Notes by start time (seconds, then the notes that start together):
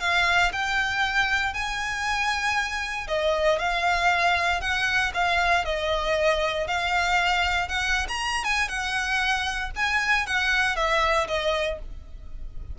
0.00 F5
0.52 G5
1.53 G#5
3.07 D#5
3.59 F5
4.61 F#5
5.14 F5
5.65 D#5
6.67 F5
7.68 F#5
8.08 A#5
8.44 G#5
8.68 F#5
9.76 G#5
10.26 F#5
10.76 E5
11.27 D#5